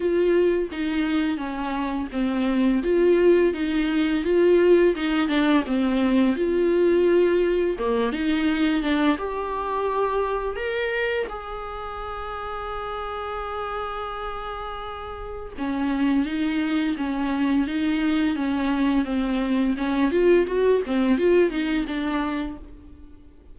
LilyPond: \new Staff \with { instrumentName = "viola" } { \time 4/4 \tempo 4 = 85 f'4 dis'4 cis'4 c'4 | f'4 dis'4 f'4 dis'8 d'8 | c'4 f'2 ais8 dis'8~ | dis'8 d'8 g'2 ais'4 |
gis'1~ | gis'2 cis'4 dis'4 | cis'4 dis'4 cis'4 c'4 | cis'8 f'8 fis'8 c'8 f'8 dis'8 d'4 | }